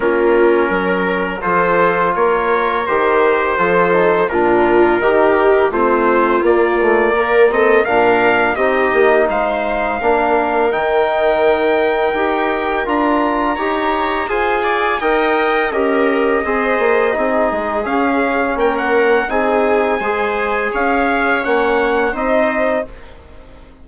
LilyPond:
<<
  \new Staff \with { instrumentName = "trumpet" } { \time 4/4 \tempo 4 = 84 ais'2 c''4 cis''4 | c''2 ais'2 | c''4 d''4. dis''8 f''4 | dis''4 f''2 g''4~ |
g''2 ais''2 | gis''4 g''4 dis''2~ | dis''4 f''4 g''16 fis''8. gis''4~ | gis''4 f''4 fis''4 dis''4 | }
  \new Staff \with { instrumentName = "viola" } { \time 4/4 f'4 ais'4 a'4 ais'4~ | ais'4 a'4 f'4 g'4 | f'2 ais'8 a'8 ais'4 | g'4 c''4 ais'2~ |
ais'2. cis''4 | c''8 d''8 dis''4 ais'4 c''4 | gis'2 ais'4 gis'4 | c''4 cis''2 c''4 | }
  \new Staff \with { instrumentName = "trombone" } { \time 4/4 cis'2 f'2 | g'4 f'8 dis'8 d'4 dis'4 | c'4 ais8 a8 ais8 c'8 d'4 | dis'2 d'4 dis'4~ |
dis'4 g'4 f'4 g'4 | gis'4 ais'4 g'4 gis'4 | dis'4 cis'2 dis'4 | gis'2 cis'4 dis'4 | }
  \new Staff \with { instrumentName = "bassoon" } { \time 4/4 ais4 fis4 f4 ais4 | dis4 f4 ais,4 dis4 | a4 ais2 ais,4 | c'8 ais8 gis4 ais4 dis4~ |
dis4 dis'4 d'4 dis'4 | f'4 dis'4 cis'4 c'8 ais8 | c'8 gis8 cis'4 ais4 c'4 | gis4 cis'4 ais4 c'4 | }
>>